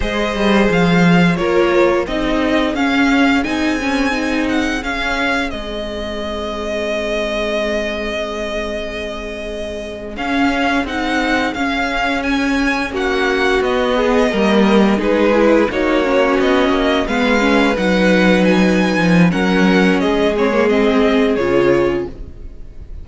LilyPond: <<
  \new Staff \with { instrumentName = "violin" } { \time 4/4 \tempo 4 = 87 dis''4 f''4 cis''4 dis''4 | f''4 gis''4. fis''8 f''4 | dis''1~ | dis''2~ dis''8. f''4 fis''16~ |
fis''8. f''4 gis''4 fis''4 dis''16~ | dis''4.~ dis''16 b'4 cis''4 dis''16~ | dis''8. f''4 fis''4 gis''4~ gis''16 | fis''4 dis''8 cis''8 dis''4 cis''4 | }
  \new Staff \with { instrumentName = "violin" } { \time 4/4 c''2 ais'4 gis'4~ | gis'1~ | gis'1~ | gis'1~ |
gis'2~ gis'8. fis'4~ fis'16~ | fis'16 gis'8 ais'4 gis'4 fis'4~ fis'16~ | fis'8. b'2.~ b'16 | ais'4 gis'2. | }
  \new Staff \with { instrumentName = "viola" } { \time 4/4 gis'2 f'4 dis'4 | cis'4 dis'8 cis'8 dis'4 cis'4 | c'1~ | c'2~ c'8. cis'4 dis'16~ |
dis'8. cis'2. b16~ | b8. ais4 dis'8 e'8 dis'8 cis'8.~ | cis'8. b8 cis'8 dis'2~ dis'16 | cis'4. c'16 ais16 c'4 f'4 | }
  \new Staff \with { instrumentName = "cello" } { \time 4/4 gis8 g8 f4 ais4 c'4 | cis'4 c'2 cis'4 | gis1~ | gis2~ gis8. cis'4 c'16~ |
c'8. cis'2 ais4 b16~ | b8. g4 gis4 ais4 b16~ | b16 ais8 gis4 fis4.~ fis16 f8 | fis4 gis2 cis4 | }
>>